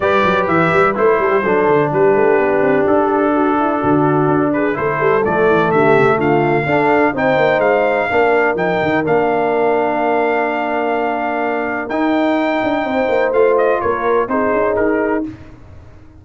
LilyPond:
<<
  \new Staff \with { instrumentName = "trumpet" } { \time 4/4 \tempo 4 = 126 d''4 e''4 c''2 | b'2 a'2~ | a'4. b'8 c''4 d''4 | e''4 f''2 g''4 |
f''2 g''4 f''4~ | f''1~ | f''4 g''2. | f''8 dis''8 cis''4 c''4 ais'4 | }
  \new Staff \with { instrumentName = "horn" } { \time 4/4 b'2~ b'8 a'16 g'16 a'4 | g'2. fis'8 e'8 | fis'4. gis'8 a'2 | g'4 f'4 a'4 c''4~ |
c''4 ais'2.~ | ais'1~ | ais'2. c''4~ | c''4 ais'4 gis'2 | }
  \new Staff \with { instrumentName = "trombone" } { \time 4/4 g'2 e'4 d'4~ | d'1~ | d'2 e'4 a4~ | a2 d'4 dis'4~ |
dis'4 d'4 dis'4 d'4~ | d'1~ | d'4 dis'2. | f'2 dis'2 | }
  \new Staff \with { instrumentName = "tuba" } { \time 4/4 g8 fis8 e8 g8 a8 g8 fis8 d8 | g8 a8 b8 c'8 d'2 | d4 d'4 a8 g8 f8 e8 | d8 cis8 d4 d'4 c'8 ais8 |
gis4 ais4 f8 dis8 ais4~ | ais1~ | ais4 dis'4. d'8 c'8 ais8 | a4 ais4 c'8 cis'8 dis'4 | }
>>